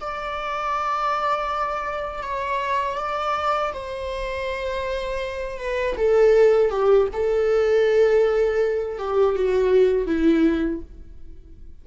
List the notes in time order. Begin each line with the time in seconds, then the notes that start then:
0.00 D5
2.23 C#5
2.98 D5
3.73 C5
5.58 B4
5.97 A4
6.70 G4
7.13 A4
8.98 G4
9.35 F#4
10.06 E4